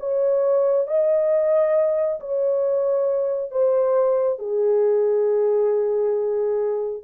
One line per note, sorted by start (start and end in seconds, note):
0.00 0.87 C#5
0.87 2.20 D#5
2.20 3.52 C#5
3.52 4.39 C5
4.39 7.04 G#4